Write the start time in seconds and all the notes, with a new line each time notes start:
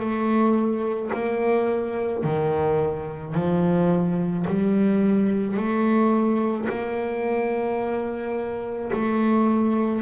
0.00 A3
1.14 A#3
2.24 D#3
3.35 F3
4.48 G3
5.57 A3
6.69 A#3
8.93 A3